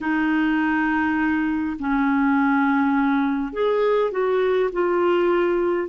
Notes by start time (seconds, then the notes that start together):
0.01 D#4
1.79 C#4
3.52 G#4
4.11 F#4
4.72 F4